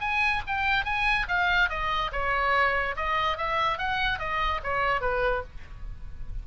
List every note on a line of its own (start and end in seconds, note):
0.00 0.42 G#5
0.47 0.84 G5
0.84 1.26 G#5
1.28 1.69 F5
1.69 2.11 D#5
2.12 2.95 C#5
2.96 3.37 D#5
3.37 3.78 E5
3.78 4.19 F#5
4.19 4.61 D#5
4.63 5.01 C#5
5.01 5.43 B4